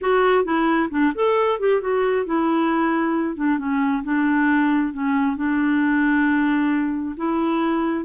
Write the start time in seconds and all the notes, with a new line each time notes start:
0.01 F#4
0.44 E4
0.90 D4
1.14 A4
1.59 G4
1.81 F#4
2.25 E4
3.36 D4
3.58 C#4
4.03 D4
4.93 C#4
5.36 D4
7.16 E4